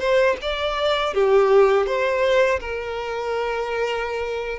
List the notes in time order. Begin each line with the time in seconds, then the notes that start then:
0.00 C5
0.42 D5
1.15 G4
1.87 C5
2.60 A#4